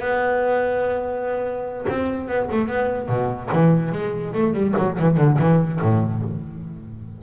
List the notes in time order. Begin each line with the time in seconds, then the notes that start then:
0.00 B3
1.89 C4
2.28 B3
2.51 A3
2.68 B3
3.09 B2
3.53 E3
3.92 G#3
4.34 A3
4.54 G3
4.78 F#3
5.00 E3
5.18 D3
5.39 E3
5.82 A2